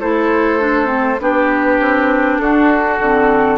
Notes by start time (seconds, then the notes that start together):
0.00 A3 E4 A4 C5
0.60 D4
0.86 C4
1.20 B3 D4 G4 B4
1.79 C4
2.39 D4 F#4 A4
2.99 D3 C4